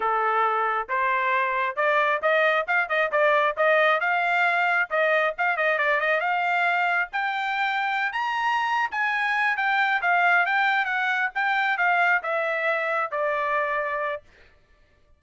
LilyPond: \new Staff \with { instrumentName = "trumpet" } { \time 4/4 \tempo 4 = 135 a'2 c''2 | d''4 dis''4 f''8 dis''8 d''4 | dis''4 f''2 dis''4 | f''8 dis''8 d''8 dis''8 f''2 |
g''2~ g''16 ais''4.~ ais''16 | gis''4. g''4 f''4 g''8~ | g''8 fis''4 g''4 f''4 e''8~ | e''4. d''2~ d''8 | }